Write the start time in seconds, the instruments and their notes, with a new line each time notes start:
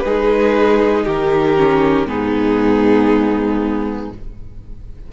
0.00 cello G#3, viola D#4, violin G#4 B4
1.05 cello D#3, violin G4 A#4
1.57 viola C#4
2.06 cello G#2, viola B3, violin D#4 G#4